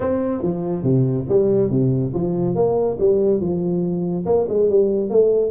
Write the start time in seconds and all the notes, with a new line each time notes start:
0.00 C4
0.42 F3
0.83 C3
1.29 G3
1.70 C3
2.14 F3
2.55 A#3
2.99 G3
3.40 F3
4.25 A#3
4.48 G#3
4.69 G3
5.09 A3